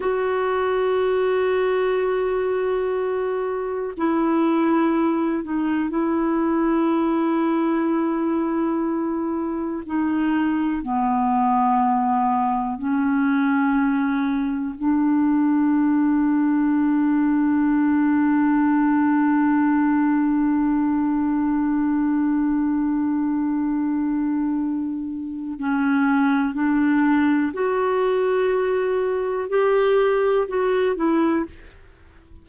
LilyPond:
\new Staff \with { instrumentName = "clarinet" } { \time 4/4 \tempo 4 = 61 fis'1 | e'4. dis'8 e'2~ | e'2 dis'4 b4~ | b4 cis'2 d'4~ |
d'1~ | d'1~ | d'2 cis'4 d'4 | fis'2 g'4 fis'8 e'8 | }